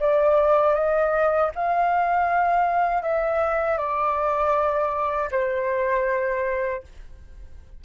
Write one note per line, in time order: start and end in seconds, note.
0.00 0.75 D5
0.75 1.51 D#5
1.55 3.03 F5
3.03 3.78 E5
3.78 5.30 D5
5.31 6.83 C5